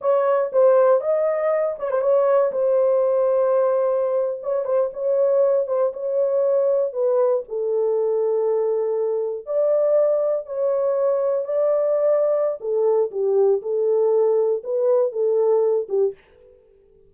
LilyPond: \new Staff \with { instrumentName = "horn" } { \time 4/4 \tempo 4 = 119 cis''4 c''4 dis''4. cis''16 c''16 | cis''4 c''2.~ | c''8. cis''8 c''8 cis''4. c''8 cis''16~ | cis''4.~ cis''16 b'4 a'4~ a'16~ |
a'2~ a'8. d''4~ d''16~ | d''8. cis''2 d''4~ d''16~ | d''4 a'4 g'4 a'4~ | a'4 b'4 a'4. g'8 | }